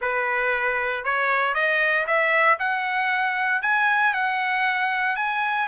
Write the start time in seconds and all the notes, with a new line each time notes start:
0.01 B4
1.04 C#5
1.54 D#5
2.06 E5
2.59 F#5
3.62 G#5
4.13 F#5
5.16 G#5